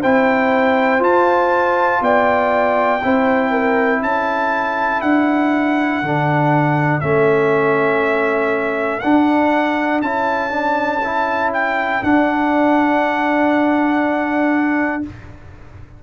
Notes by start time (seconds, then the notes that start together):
0.00 C4 E4 C5 G5
0.99 F4 A5
2.01 B3 D5 G5
3.03 C4 E4 C5
3.51 A#4
4.01 C#4 A4 A5
5.01 D4 F#5
6.02 D3 D4
7.00 A3 C#4 E5
9.00 D4 F#5
10.02 C#4 E4 A5
10.50 D4
11.04 E4
11.53 G5
12.03 D4 F#5